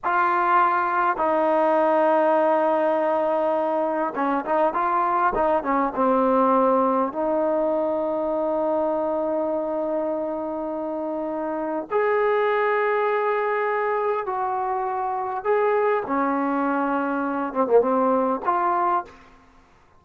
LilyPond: \new Staff \with { instrumentName = "trombone" } { \time 4/4 \tempo 4 = 101 f'2 dis'2~ | dis'2. cis'8 dis'8 | f'4 dis'8 cis'8 c'2 | dis'1~ |
dis'1 | gis'1 | fis'2 gis'4 cis'4~ | cis'4. c'16 ais16 c'4 f'4 | }